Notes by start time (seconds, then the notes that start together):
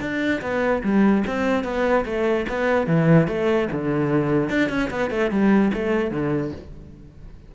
0.00 D4
0.41 B3
0.83 G3
1.27 C4
1.64 B3
2.05 A3
2.48 B3
2.87 E3
3.27 A3
3.72 D3
4.49 D4
4.69 C#4
4.90 B3
5.10 A3
5.31 G3
5.73 A3
6.11 D3